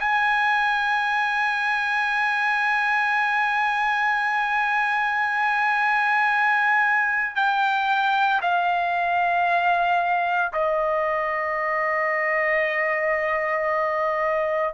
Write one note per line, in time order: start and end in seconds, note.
0.00 7.36 G#5
7.36 8.41 G5
8.42 10.53 F5
10.53 14.74 D#5